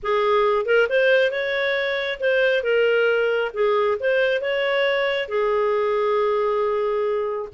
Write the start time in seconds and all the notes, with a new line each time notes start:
0.02 G#4
0.65 A#4
0.89 C5
1.31 C#5
2.20 C5
2.63 A#4
3.53 G#4
4.00 C5
4.41 C#5
5.28 G#4